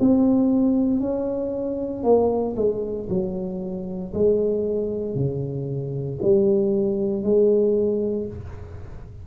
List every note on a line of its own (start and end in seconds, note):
0.00 1.01 C4
1.01 2.04 C#4
2.04 2.55 A#3
2.57 3.08 G#3
3.10 4.13 F#3
4.14 5.16 G#3
5.16 6.19 C#3
6.23 7.24 G3
7.24 8.27 G#3